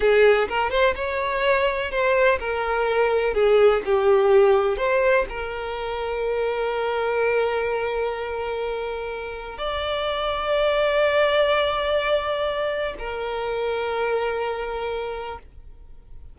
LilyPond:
\new Staff \with { instrumentName = "violin" } { \time 4/4 \tempo 4 = 125 gis'4 ais'8 c''8 cis''2 | c''4 ais'2 gis'4 | g'2 c''4 ais'4~ | ais'1~ |
ais'1 | d''1~ | d''2. ais'4~ | ais'1 | }